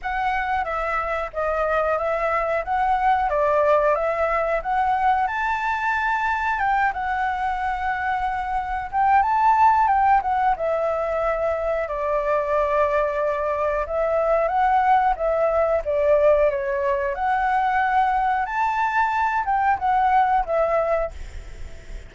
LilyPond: \new Staff \with { instrumentName = "flute" } { \time 4/4 \tempo 4 = 91 fis''4 e''4 dis''4 e''4 | fis''4 d''4 e''4 fis''4 | a''2 g''8 fis''4.~ | fis''4. g''8 a''4 g''8 fis''8 |
e''2 d''2~ | d''4 e''4 fis''4 e''4 | d''4 cis''4 fis''2 | a''4. g''8 fis''4 e''4 | }